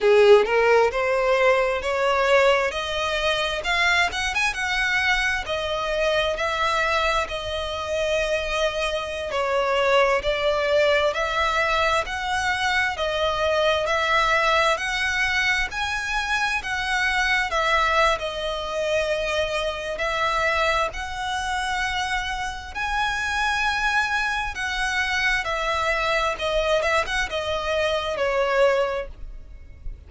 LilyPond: \new Staff \with { instrumentName = "violin" } { \time 4/4 \tempo 4 = 66 gis'8 ais'8 c''4 cis''4 dis''4 | f''8 fis''16 gis''16 fis''4 dis''4 e''4 | dis''2~ dis''16 cis''4 d''8.~ | d''16 e''4 fis''4 dis''4 e''8.~ |
e''16 fis''4 gis''4 fis''4 e''8. | dis''2 e''4 fis''4~ | fis''4 gis''2 fis''4 | e''4 dis''8 e''16 fis''16 dis''4 cis''4 | }